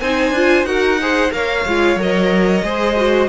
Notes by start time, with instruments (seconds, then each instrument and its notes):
0.00 cello C4, viola D#4, violin C5 G#5
0.30 cello D4, viola F4
0.63 cello D#4, viola F#4, violin A#4 F#5
1.00 viola G#4, violin C5
1.30 cello A#3, viola A#4, violin C#5 F5
1.66 cello G#3, viola F4
1.96 cello F#3, viola A#4, violin D#5
2.62 cello G#3, viola G#4, violin C5
2.97 viola F#4